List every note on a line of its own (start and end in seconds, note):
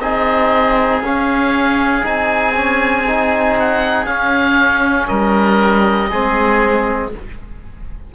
0.00 1.01 C4
0.00 1.03 D#4
0.00 5.08 G#4
0.00 1.02 D#5
1.01 2.03 C#4
1.01 2.06 F5
2.03 4.06 C4
2.03 2.54 D#4
2.03 3.58 G#5
2.54 3.05 C#4
3.07 4.06 D#4
3.59 4.06 F#5
4.06 5.08 C#4
4.06 6.10 C#4
4.06 5.07 F5
5.08 6.11 G3
5.08 6.10 A#4
5.08 7.11 D#5
6.10 7.14 G#3
6.10 7.12 C4
6.10 7.12 G#4